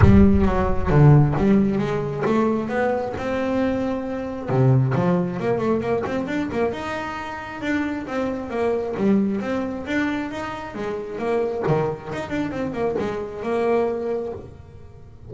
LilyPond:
\new Staff \with { instrumentName = "double bass" } { \time 4/4 \tempo 4 = 134 g4 fis4 d4 g4 | gis4 a4 b4 c'4~ | c'2 c4 f4 | ais8 a8 ais8 c'8 d'8 ais8 dis'4~ |
dis'4 d'4 c'4 ais4 | g4 c'4 d'4 dis'4 | gis4 ais4 dis4 dis'8 d'8 | c'8 ais8 gis4 ais2 | }